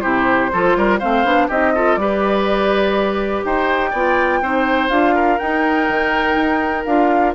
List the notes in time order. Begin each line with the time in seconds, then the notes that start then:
0.00 C3 E4 G4 C5
0.53 F3 F4 A4
0.76 G3 A#4
0.99 A3 C4 C5 F5
1.24 B3 D4
1.48 C4 D#4 G4 D#5
1.74 F4 A4
1.96 G3 G4 B4 D5
3.44 D#4 C5 G5
3.90 B3 F4 D5
4.41 C4 D#4 C5
4.89 D4 F4 F5
5.14 A#4
5.38 D#4 G5
5.89 D#3
6.35 D#4
6.84 D4 F4 F5